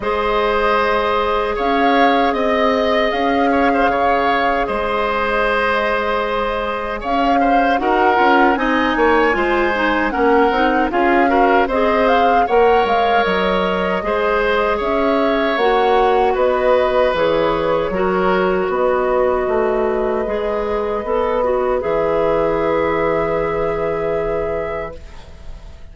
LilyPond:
<<
  \new Staff \with { instrumentName = "flute" } { \time 4/4 \tempo 4 = 77 dis''2 f''4 dis''4 | f''2 dis''2~ | dis''4 f''4 fis''4 gis''4~ | gis''4 fis''4 f''4 dis''8 f''8 |
fis''8 f''8 dis''2 e''4 | fis''4 dis''4 cis''2 | dis''1 | e''1 | }
  \new Staff \with { instrumentName = "oboe" } { \time 4/4 c''2 cis''4 dis''4~ | dis''8 cis''16 c''16 cis''4 c''2~ | c''4 cis''8 c''8 ais'4 dis''8 cis''8 | c''4 ais'4 gis'8 ais'8 c''4 |
cis''2 c''4 cis''4~ | cis''4 b'2 ais'4 | b'1~ | b'1 | }
  \new Staff \with { instrumentName = "clarinet" } { \time 4/4 gis'1~ | gis'1~ | gis'2 fis'8 f'8 dis'4 | f'8 dis'8 cis'8 dis'8 f'8 fis'8 gis'4 |
ais'2 gis'2 | fis'2 gis'4 fis'4~ | fis'2 gis'4 a'8 fis'8 | gis'1 | }
  \new Staff \with { instrumentName = "bassoon" } { \time 4/4 gis2 cis'4 c'4 | cis'4 cis4 gis2~ | gis4 cis'4 dis'8 cis'8 c'8 ais8 | gis4 ais8 c'8 cis'4 c'4 |
ais8 gis8 fis4 gis4 cis'4 | ais4 b4 e4 fis4 | b4 a4 gis4 b4 | e1 | }
>>